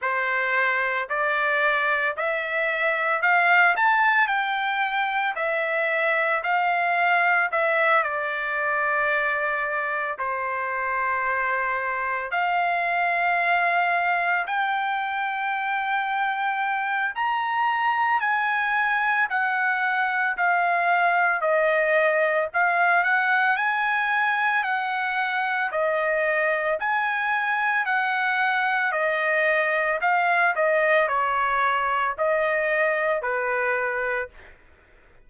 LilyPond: \new Staff \with { instrumentName = "trumpet" } { \time 4/4 \tempo 4 = 56 c''4 d''4 e''4 f''8 a''8 | g''4 e''4 f''4 e''8 d''8~ | d''4. c''2 f''8~ | f''4. g''2~ g''8 |
ais''4 gis''4 fis''4 f''4 | dis''4 f''8 fis''8 gis''4 fis''4 | dis''4 gis''4 fis''4 dis''4 | f''8 dis''8 cis''4 dis''4 b'4 | }